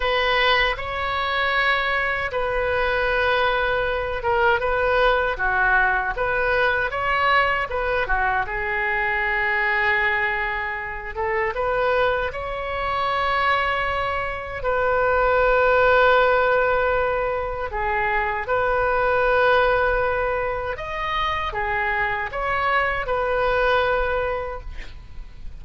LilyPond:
\new Staff \with { instrumentName = "oboe" } { \time 4/4 \tempo 4 = 78 b'4 cis''2 b'4~ | b'4. ais'8 b'4 fis'4 | b'4 cis''4 b'8 fis'8 gis'4~ | gis'2~ gis'8 a'8 b'4 |
cis''2. b'4~ | b'2. gis'4 | b'2. dis''4 | gis'4 cis''4 b'2 | }